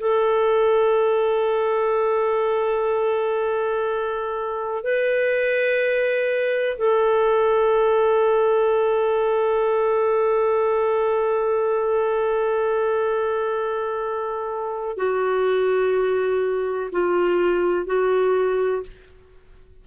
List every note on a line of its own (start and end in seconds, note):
0.00 4.83 A4
4.83 6.77 B4
6.77 14.97 A4
14.97 16.90 F#4
16.92 17.86 F4
17.86 18.83 F#4